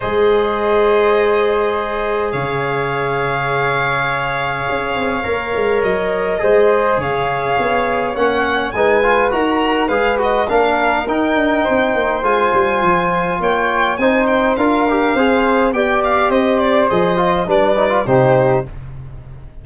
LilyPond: <<
  \new Staff \with { instrumentName = "violin" } { \time 4/4 \tempo 4 = 103 dis''1 | f''1~ | f''2 dis''2 | f''2 fis''4 gis''4 |
ais''4 f''8 dis''8 f''4 g''4~ | g''4 gis''2 g''4 | gis''8 g''8 f''2 g''8 f''8 | dis''8 d''8 dis''4 d''4 c''4 | }
  \new Staff \with { instrumentName = "flute" } { \time 4/4 c''1 | cis''1~ | cis''2. c''4 | cis''2. b'4 |
ais'4 b'4 ais'2 | c''2. cis''4 | c''4 ais'4 c''4 d''4 | c''2 b'4 g'4 | }
  \new Staff \with { instrumentName = "trombone" } { \time 4/4 gis'1~ | gis'1~ | gis'4 ais'2 gis'4~ | gis'2 cis'4 dis'8 f'8 |
fis'4 gis'8 fis'8 d'4 dis'4~ | dis'4 f'2. | dis'4 f'8 g'8 gis'4 g'4~ | g'4 gis'8 f'8 d'8 dis'16 f'16 dis'4 | }
  \new Staff \with { instrumentName = "tuba" } { \time 4/4 gis1 | cis1 | cis'8 c'8 ais8 gis8 fis4 gis4 | cis4 b4 ais4 gis4 |
dis'4 gis4 ais4 dis'8 d'8 | c'8 ais8 gis8 g8 f4 ais4 | c'4 d'4 c'4 b4 | c'4 f4 g4 c4 | }
>>